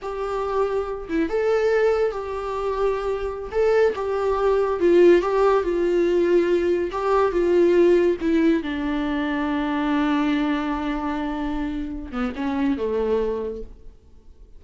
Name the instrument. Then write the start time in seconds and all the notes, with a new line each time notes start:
viola
0.02 G4
1.08 E4
1.29 A4
2.11 G4
3.51 A4
3.95 G4
4.80 F4
5.21 G4
5.63 F4
6.91 G4
7.32 F4
8.20 E4
8.62 D4
12.11 B3
12.35 C#4
12.77 A3